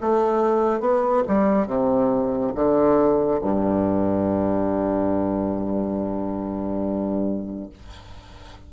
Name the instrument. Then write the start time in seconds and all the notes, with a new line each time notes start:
bassoon
0.00 A3
0.80 B3
1.27 G3
1.67 C3
2.55 D3
3.41 G2